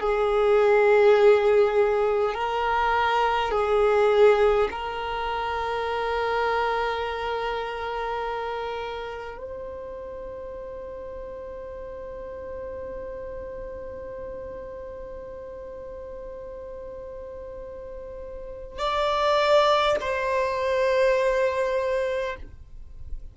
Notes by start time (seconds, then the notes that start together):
0.00 G#4
2.34 A#4
3.51 G#4
4.71 A#4
9.38 C5
18.79 D5
20.01 C5